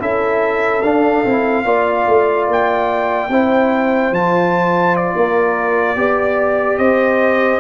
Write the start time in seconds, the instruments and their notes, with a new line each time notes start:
0.00 tuba C#4, trombone E4, horn A4, trumpet E5
0.82 tuba D4, trombone D4, trumpet F5
1.26 tuba C4, trombone E4
1.65 tuba A#3, trombone F4, horn D5
2.08 tuba A3
2.48 tuba A#3, trumpet G5
3.29 tuba C4, trombone E4, horn C5
4.11 tuba F3, trombone F4, trumpet A5
4.96 trumpet D5
5.16 tuba A#3, horn A#4
5.96 tuba B3, trombone G4, horn D5
6.78 tuba C4, horn C5, trumpet D#5